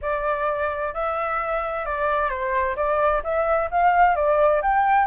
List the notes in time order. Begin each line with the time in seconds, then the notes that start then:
0.01 D5
0.94 E5
1.85 D5
2.29 C5
2.76 D5
3.23 E5
3.70 F5
4.15 D5
4.62 G5